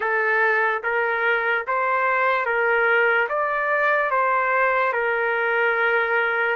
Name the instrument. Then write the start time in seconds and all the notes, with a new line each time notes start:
trumpet
0.00 A4
0.83 A#4
1.67 C5
2.45 A#4
3.28 D5
4.11 C5
4.92 A#4